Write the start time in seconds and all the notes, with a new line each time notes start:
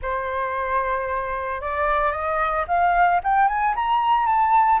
0.02 C5
1.61 D5
2.12 D#5
2.67 F5
3.23 G5
3.48 G#5
3.75 A#5
4.26 A5